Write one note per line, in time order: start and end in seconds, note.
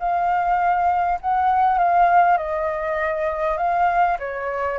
0.00 1.20 F5
1.21 1.79 F#5
1.79 2.38 F5
2.38 3.58 D#5
3.58 4.18 F5
4.19 4.79 C#5